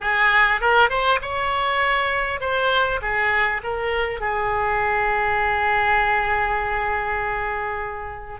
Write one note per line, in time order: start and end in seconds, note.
0.00 0.60 G#4
0.61 0.89 A#4
0.89 1.19 C5
1.21 2.40 C#5
2.40 3.00 C5
3.01 3.61 G#4
3.63 4.20 A#4
4.20 8.39 G#4